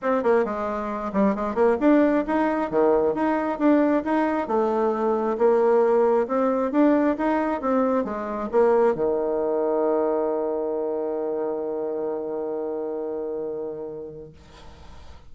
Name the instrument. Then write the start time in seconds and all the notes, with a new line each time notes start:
bassoon
0.02 C4
0.23 A#3
0.45 G#3
1.13 G3
1.35 G#3
1.54 A#3
1.80 D4
2.26 D#4
2.70 D#3
3.14 D#4
3.58 D4
4.04 D#4
4.47 A3
5.37 A#3
6.27 C4
6.71 D4
7.17 D#4
7.61 C4
8.04 G#3
8.51 A#3
8.94 D#3